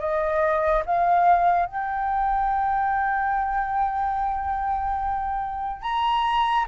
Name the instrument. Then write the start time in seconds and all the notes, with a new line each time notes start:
flute
0.00 D#5
0.86 F5
1.66 G5
5.83 A#5